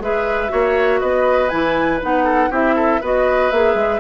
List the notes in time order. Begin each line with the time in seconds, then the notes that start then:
0.00 G#3 G#4 B4 E5
0.49 A#3 F#4 C#5
1.00 B3 B4 D#5
1.49 E3 E4 G#5
2.01 B3 D#4 F#5
2.24 A4
2.50 C4 E4 G4 E5
2.76 A4
3.01 B3 F#4 B4 D#5
3.51 A#3 G#4 E5
3.75 G#3